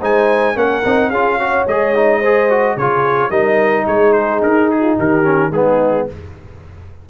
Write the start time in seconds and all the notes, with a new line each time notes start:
0.00 G#3 D#4 C5 G#5
0.55 A#3 C#4 A#4 F#5
0.85 C4 D#4
1.10 C#4 F4 G#4 F5
1.38 F#4 C#5
1.67 G#3 G#4 D#5
1.95 D#4
2.19 G#4 C5
2.50 F#4
2.76 C#3 F4 G#4 C#5
3.29 G3 D#4 A#4 D#5
3.86 G#3 G#4 C#5
4.12 C5
4.42 D#4 A#4
4.71 G#4
4.81 F4
4.98 D#3 G4 A#4
5.23 C#4
5.51 G#3 B3 D#4 G#4